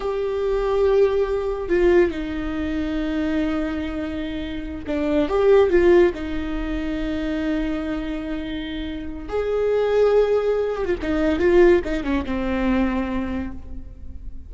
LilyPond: \new Staff \with { instrumentName = "viola" } { \time 4/4 \tempo 4 = 142 g'1 | f'4 dis'2.~ | dis'2.~ dis'8 d'8~ | d'8 g'4 f'4 dis'4.~ |
dis'1~ | dis'2 gis'2~ | gis'4. g'16 f'16 dis'4 f'4 | dis'8 cis'8 c'2. | }